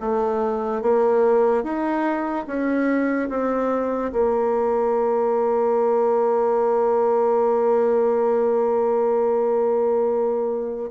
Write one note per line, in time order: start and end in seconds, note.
0.00 0.81 A3
0.81 1.63 A#3
1.63 2.45 D#4
2.47 3.29 C#4
3.29 4.11 C4
4.12 10.90 A#3